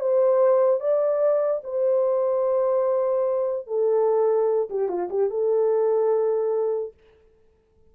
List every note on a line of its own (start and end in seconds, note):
0.00 0.80 C5
0.80 1.62 D5
1.64 3.67 C5
3.67 4.69 A4
4.69 4.88 G4
4.88 5.09 F4
5.10 5.30 G4
5.30 6.93 A4